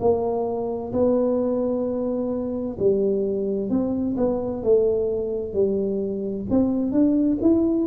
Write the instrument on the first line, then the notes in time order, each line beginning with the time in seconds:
tuba
0.00 A#3
0.93 B3
2.79 G3
3.70 C4
4.17 B3
4.63 A3
5.53 G3
6.50 C4
6.92 D4
7.41 E4